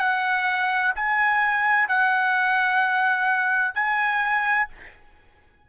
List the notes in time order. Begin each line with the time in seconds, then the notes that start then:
0.00 F#5
0.96 G#5
1.89 F#5
3.75 G#5